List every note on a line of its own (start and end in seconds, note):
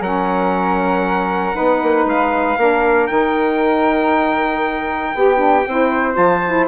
0.00 1.54 F#3
0.00 1.54 C#4
0.00 1.55 A#4
0.00 2.08 F#5
1.54 1.82 B3
1.54 2.56 D#4
1.54 2.58 B4
1.82 2.05 A#3
2.05 2.56 G#3
2.05 3.07 F5
2.57 3.09 A#3
2.57 3.10 D4
2.57 5.15 A#4
3.07 5.14 D#3
3.07 5.15 D#4
3.07 6.15 G5
5.14 5.66 B3
5.14 5.37 G4
5.14 5.68 G4
5.37 5.63 D4
5.67 6.17 C4
5.67 6.14 E4
5.67 6.67 C5
6.14 6.67 F3
6.14 6.39 F4
6.14 6.67 A5
6.47 6.67 E4